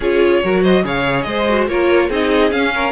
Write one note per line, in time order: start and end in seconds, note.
0.00 0.42 C#4
0.00 0.43 F4
0.00 0.41 G#4
0.00 0.63 C#5
0.43 0.84 F#3
0.43 0.83 F#4
0.43 0.62 A#4
0.62 0.83 C5
0.62 0.84 D#5
0.83 1.25 C#3
0.83 1.46 G#4
0.83 1.27 C#5
0.83 1.22 F5
1.22 1.67 G#3
1.22 1.68 C5
1.22 1.63 D#5
1.48 1.68 F#4
1.67 2.09 A#3
1.67 2.10 F4
1.67 2.08 A#4
1.67 2.10 C#5
2.08 2.51 C4
2.08 2.51 D#4
2.08 2.71 G#4
2.08 2.51 D#5
2.51 2.91 C#4
2.51 2.91 F5
2.74 2.91 A#4